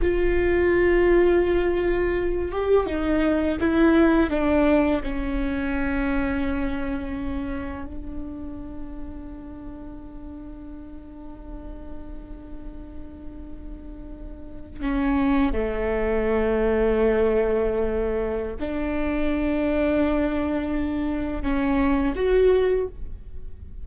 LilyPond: \new Staff \with { instrumentName = "viola" } { \time 4/4 \tempo 4 = 84 f'2.~ f'8 g'8 | dis'4 e'4 d'4 cis'4~ | cis'2. d'4~ | d'1~ |
d'1~ | d'8. cis'4 a2~ a16~ | a2 d'2~ | d'2 cis'4 fis'4 | }